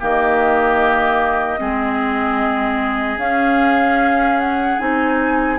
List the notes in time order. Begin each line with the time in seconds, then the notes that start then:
0.00 D#3 A#3 G4 D#5
1.59 G#3 C4 G#4
3.17 C#4 F5
4.39 F#5
4.79 C4 D#4 G#5